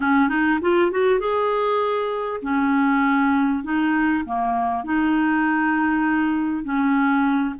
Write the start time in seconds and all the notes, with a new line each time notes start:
0.00 C#4
0.28 D#4
0.61 F4
0.91 F#4
1.19 G#4
2.42 C#4
3.63 D#4
4.25 A#3
4.83 D#4
6.64 C#4